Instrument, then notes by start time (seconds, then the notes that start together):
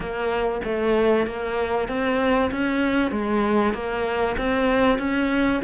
cello
0.00 A#3
0.64 A3
1.26 A#3
1.88 C4
2.51 C#4
3.11 G#3
3.73 A#3
4.37 C4
4.98 C#4